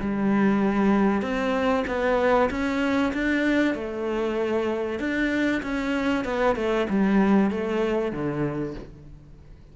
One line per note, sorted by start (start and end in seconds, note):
0.00 1.21 G3
1.21 1.84 C4
1.87 2.49 B3
2.50 3.12 C#4
3.13 3.74 D4
3.74 4.99 A3
4.99 5.61 D4
5.62 6.24 C#4
6.24 6.55 B3
6.55 6.87 A3
6.89 7.50 G3
7.50 8.12 A3
8.12 8.74 D3